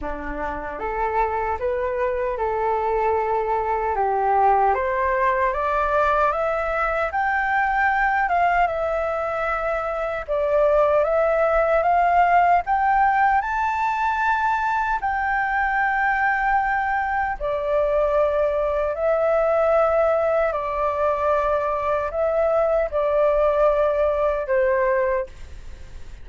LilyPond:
\new Staff \with { instrumentName = "flute" } { \time 4/4 \tempo 4 = 76 d'4 a'4 b'4 a'4~ | a'4 g'4 c''4 d''4 | e''4 g''4. f''8 e''4~ | e''4 d''4 e''4 f''4 |
g''4 a''2 g''4~ | g''2 d''2 | e''2 d''2 | e''4 d''2 c''4 | }